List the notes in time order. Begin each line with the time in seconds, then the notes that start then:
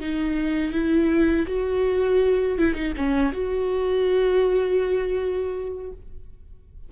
0.00 D#4
0.72 E4
1.47 F#4
2.58 E4
2.75 D#4
2.96 C#4
3.32 F#4